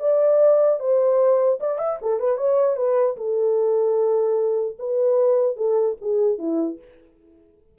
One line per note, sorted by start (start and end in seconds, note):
0.00 0.80 D5
0.80 1.60 C5
1.60 1.79 D5
1.79 1.99 E5
2.02 2.20 A4
2.20 2.38 B4
2.38 2.77 C#5
2.77 3.17 B4
3.17 4.77 A4
4.79 5.57 B4
5.57 5.97 A4
6.01 6.39 G#4
6.39 6.79 E4